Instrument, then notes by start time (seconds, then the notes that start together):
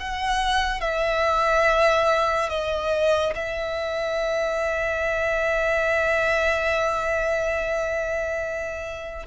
violin
0.00 F#5
0.80 E5
2.49 D#5
3.35 E5